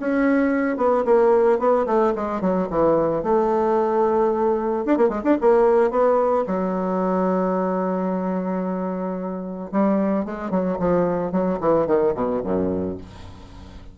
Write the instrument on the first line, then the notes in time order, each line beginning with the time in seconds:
bassoon
0.00 C#4
0.78 B3
1.05 A#3
1.59 B3
1.87 A3
2.16 G#3
2.42 F#3
2.71 E3
3.24 A3
4.86 D4
4.97 A#3
5.10 G#3
5.24 D4
5.42 A#3
5.91 B3
6.47 F#3
9.72 G3
10.26 G#3
10.51 F#3
10.80 F3
11.32 F#3
11.61 E3
11.87 D#3
12.15 B2
12.44 F#2